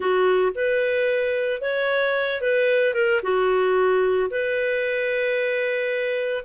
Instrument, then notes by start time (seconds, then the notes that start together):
clarinet
0.00 F#4
0.55 B4
1.61 C#5
2.41 B4
2.94 A#4
3.22 F#4
4.30 B4